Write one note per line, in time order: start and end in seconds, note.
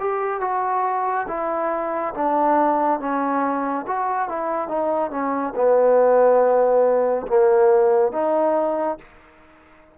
0.00 0.41 G4
0.41 1.27 F#4
1.28 2.14 E4
2.15 3.00 D4
3.00 3.86 C#4
3.87 4.29 F#4
4.29 4.68 E4
4.68 5.11 D#4
5.11 5.54 C#4
5.56 7.27 B3
7.27 8.13 A#3
8.13 8.98 D#4